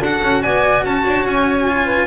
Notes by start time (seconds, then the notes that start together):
0.00 D4 F#4 A4 F#5
0.22 C#4
0.42 B3 D5 G#5
0.84 C#4 C#5 A5
1.07 D4
1.25 C#4 G#5
1.68 F4
1.85 B4